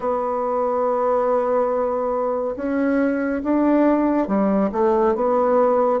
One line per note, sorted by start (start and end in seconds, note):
0.00 2.55 B3
2.56 3.42 C#4
3.43 4.27 D4
4.27 4.70 G3
4.72 5.15 A3
5.15 6.00 B3